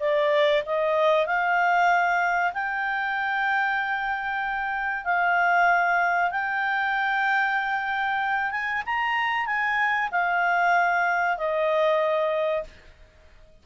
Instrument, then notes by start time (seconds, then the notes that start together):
clarinet
0.00 D5
0.66 D#5
1.27 F5
2.54 G5
5.05 F5
6.31 G5
8.51 G#5
8.86 A#5
9.47 G#5
10.12 F5
11.38 D#5